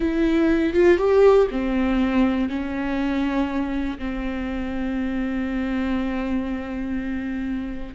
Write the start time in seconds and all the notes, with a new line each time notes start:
0.00 E4
0.73 F4
0.97 G4
1.51 C4
2.49 C#4
3.98 C4